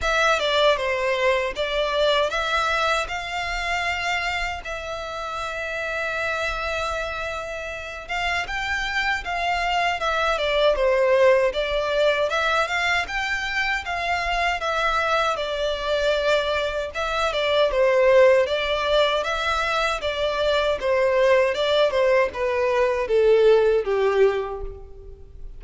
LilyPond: \new Staff \with { instrumentName = "violin" } { \time 4/4 \tempo 4 = 78 e''8 d''8 c''4 d''4 e''4 | f''2 e''2~ | e''2~ e''8 f''8 g''4 | f''4 e''8 d''8 c''4 d''4 |
e''8 f''8 g''4 f''4 e''4 | d''2 e''8 d''8 c''4 | d''4 e''4 d''4 c''4 | d''8 c''8 b'4 a'4 g'4 | }